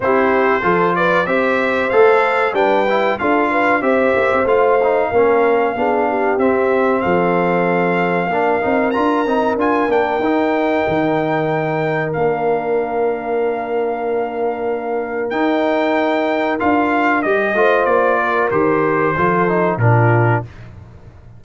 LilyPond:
<<
  \new Staff \with { instrumentName = "trumpet" } { \time 4/4 \tempo 4 = 94 c''4. d''8 e''4 f''4 | g''4 f''4 e''4 f''4~ | f''2 e''4 f''4~ | f''2 ais''4 gis''8 g''8~ |
g''2. f''4~ | f''1 | g''2 f''4 dis''4 | d''4 c''2 ais'4 | }
  \new Staff \with { instrumentName = "horn" } { \time 4/4 g'4 a'8 b'8 c''2 | b'4 a'8 b'8 c''2 | ais'4 gis'8 g'4. a'4~ | a'4 ais'2.~ |
ais'1~ | ais'1~ | ais'2.~ ais'8 c''8~ | c''8 ais'4. a'4 f'4 | }
  \new Staff \with { instrumentName = "trombone" } { \time 4/4 e'4 f'4 g'4 a'4 | d'8 e'8 f'4 g'4 f'8 dis'8 | cis'4 d'4 c'2~ | c'4 d'8 dis'8 f'8 dis'8 f'8 d'8 |
dis'2. d'4~ | d'1 | dis'2 f'4 g'8 f'8~ | f'4 g'4 f'8 dis'8 d'4 | }
  \new Staff \with { instrumentName = "tuba" } { \time 4/4 c'4 f4 c'4 a4 | g4 d'4 c'8 ais16 c'16 a4 | ais4 b4 c'4 f4~ | f4 ais8 c'8 d'8 c'8 d'8 ais8 |
dis'4 dis2 ais4~ | ais1 | dis'2 d'4 g8 a8 | ais4 dis4 f4 ais,4 | }
>>